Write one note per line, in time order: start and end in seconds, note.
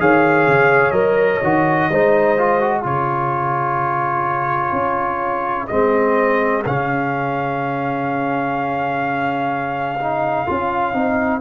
0.00 0.47 D#3
0.00 0.92 G#4
0.00 1.91 C#5
0.00 0.91 F5
0.47 0.92 C#3
0.91 1.39 F#3
0.91 1.40 A#4
0.91 2.82 D#5
1.43 1.90 D#3
1.43 1.91 F#4
1.90 2.85 G#3
1.90 2.38 D#4
1.90 2.82 C5
2.38 2.61 F4
2.61 2.83 F#4
2.82 4.72 C#3
2.82 5.69 F4
2.82 11.39 G#4
2.82 5.67 C#5
4.72 5.68 C#4
5.67 6.65 G#3
5.67 6.64 C4
5.67 6.63 D#5
6.66 10.47 C#3
6.66 9.99 C#4
6.66 11.41 F5
10.00 10.47 D#4
10.47 10.94 C#4
10.47 10.93 F4
10.93 11.41 C4
10.93 11.41 D#4